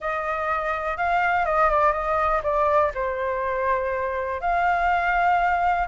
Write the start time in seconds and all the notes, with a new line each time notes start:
0.00 D#5
0.97 F5
1.45 D#5
1.70 D5
1.92 D#5
2.43 D5
2.94 C5
4.40 F5